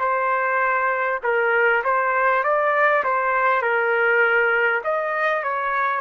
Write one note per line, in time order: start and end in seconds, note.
0.00 1.20 C5
1.24 1.84 A#4
1.84 2.44 C5
2.44 3.04 D5
3.04 3.63 C5
3.63 4.83 A#4
4.84 5.43 D#5
5.43 6.01 C#5